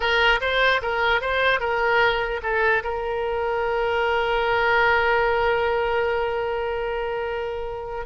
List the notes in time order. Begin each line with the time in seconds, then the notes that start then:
0.00 A#4
0.40 C5
0.82 A#4
1.21 C5
1.60 A#4
2.42 A4
2.83 A#4